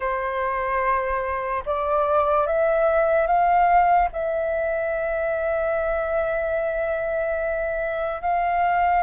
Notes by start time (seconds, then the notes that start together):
0.00 C5
1.65 D5
2.47 E5
3.27 F5
4.12 E5
8.21 F5